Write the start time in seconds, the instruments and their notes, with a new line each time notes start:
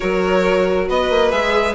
0.00 bassoon F#3, viola F#4, violin A#4 C#5
0.87 bassoon B3, violin B4 D#5
1.10 bassoon A#3
1.31 bassoon G#3, viola G#4, violin E5